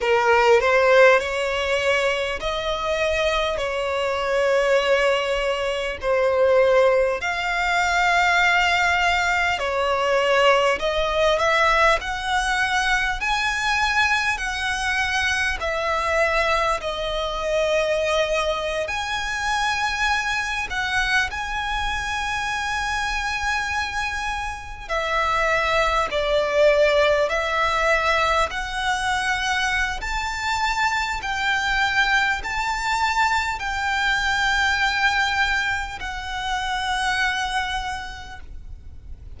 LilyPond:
\new Staff \with { instrumentName = "violin" } { \time 4/4 \tempo 4 = 50 ais'8 c''8 cis''4 dis''4 cis''4~ | cis''4 c''4 f''2 | cis''4 dis''8 e''8 fis''4 gis''4 | fis''4 e''4 dis''4.~ dis''16 gis''16~ |
gis''4~ gis''16 fis''8 gis''2~ gis''16~ | gis''8. e''4 d''4 e''4 fis''16~ | fis''4 a''4 g''4 a''4 | g''2 fis''2 | }